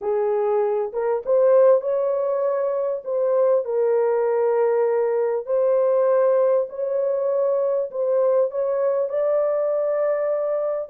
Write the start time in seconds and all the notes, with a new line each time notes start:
0.01 G#4
0.92 A#4
1.25 C5
1.81 C#5
3.04 C5
3.64 A#4
5.45 C5
6.69 C#5
7.91 C5
8.50 C#5
9.09 D5